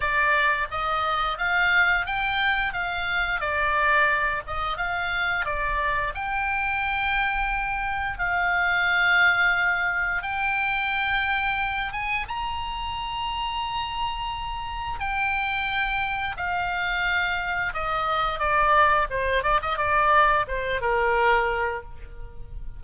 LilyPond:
\new Staff \with { instrumentName = "oboe" } { \time 4/4 \tempo 4 = 88 d''4 dis''4 f''4 g''4 | f''4 d''4. dis''8 f''4 | d''4 g''2. | f''2. g''4~ |
g''4. gis''8 ais''2~ | ais''2 g''2 | f''2 dis''4 d''4 | c''8 d''16 dis''16 d''4 c''8 ais'4. | }